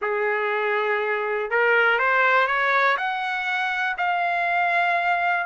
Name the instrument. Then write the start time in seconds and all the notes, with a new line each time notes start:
trumpet
0.01 G#4
1.50 A#4
1.98 C5
2.47 C#5
2.97 F#5
3.97 F5